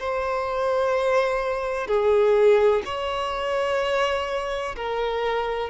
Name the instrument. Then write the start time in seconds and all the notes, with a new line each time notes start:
violin
0.00 C5
1.88 G#4
2.86 C#5
4.77 A#4